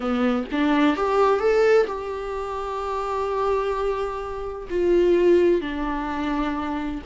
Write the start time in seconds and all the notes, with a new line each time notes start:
0.00 B3
0.51 D4
0.96 G4
1.39 A4
1.86 G4
4.70 F4
5.61 D4